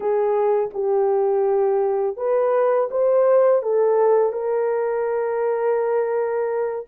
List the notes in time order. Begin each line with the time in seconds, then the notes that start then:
0.00 G#4
0.73 G4
2.17 B4
2.90 C5
3.62 A4
4.32 A#4